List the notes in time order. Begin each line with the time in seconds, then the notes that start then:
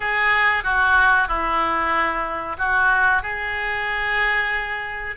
0.00 G#4
0.63 F#4
1.28 E4
2.58 F#4
3.22 G#4